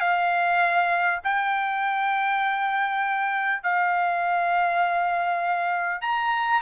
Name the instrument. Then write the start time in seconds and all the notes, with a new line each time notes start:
trumpet
0.00 F5
1.24 G5
3.63 F5
6.01 A#5